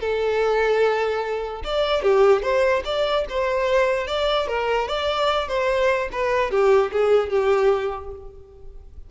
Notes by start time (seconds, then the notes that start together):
0.00 A4
1.63 D5
2.02 G4
2.42 C5
2.84 D5
3.29 C5
4.07 D5
4.47 A#4
4.88 D5
5.47 C5
6.12 B4
6.50 G4
6.92 G#4
7.29 G4